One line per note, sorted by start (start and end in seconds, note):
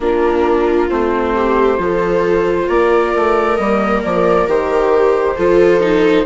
0.00 0.90 A#3
0.00 0.89 D4
0.00 1.35 F4
0.00 0.89 A#4
0.89 1.78 A3
0.89 1.77 C4
0.89 2.68 C5
1.35 1.80 G4
1.77 2.68 F3
1.77 3.56 F4
1.77 2.67 A4
2.67 3.13 A#3
2.67 5.36 A#4
2.67 3.55 D5
3.15 3.58 A3
3.55 4.03 G3
3.55 4.47 A#3
3.55 4.00 D#5
4.03 4.47 F3
4.03 4.48 D5
4.47 5.36 D#3
4.47 5.37 G4
4.47 6.25 C5
5.36 6.25 F3
5.36 5.80 F4
5.36 6.25 A4
5.80 6.25 D#4